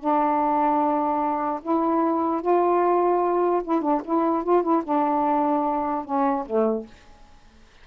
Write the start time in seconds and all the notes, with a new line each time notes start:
0.00 D4
1.63 E4
2.42 F4
3.64 E4
3.82 D4
4.05 E4
4.44 F4
4.63 E4
4.84 D4
6.05 C#4
6.47 A3